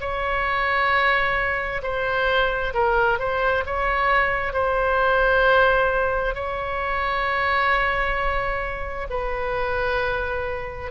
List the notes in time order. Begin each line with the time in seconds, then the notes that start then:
0.00 C#5
1.82 C5
2.74 A#4
3.19 C5
3.65 C#5
4.52 C5
6.34 C#5
9.10 B4